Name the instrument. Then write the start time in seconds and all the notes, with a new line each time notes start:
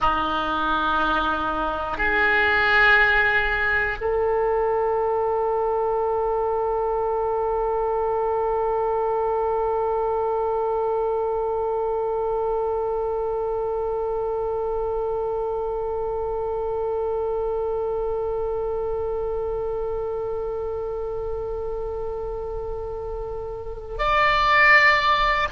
oboe
0.00 D#4
1.97 G#4
4.00 A4
23.98 D5